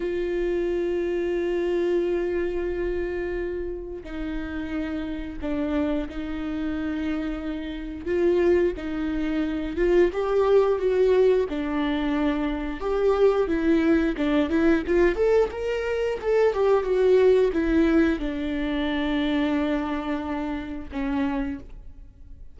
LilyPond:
\new Staff \with { instrumentName = "viola" } { \time 4/4 \tempo 4 = 89 f'1~ | f'2 dis'2 | d'4 dis'2. | f'4 dis'4. f'8 g'4 |
fis'4 d'2 g'4 | e'4 d'8 e'8 f'8 a'8 ais'4 | a'8 g'8 fis'4 e'4 d'4~ | d'2. cis'4 | }